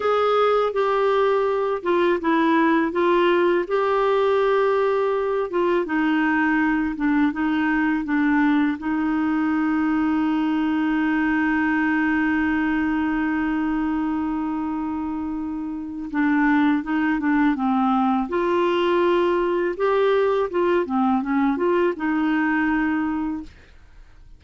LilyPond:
\new Staff \with { instrumentName = "clarinet" } { \time 4/4 \tempo 4 = 82 gis'4 g'4. f'8 e'4 | f'4 g'2~ g'8 f'8 | dis'4. d'8 dis'4 d'4 | dis'1~ |
dis'1~ | dis'2 d'4 dis'8 d'8 | c'4 f'2 g'4 | f'8 c'8 cis'8 f'8 dis'2 | }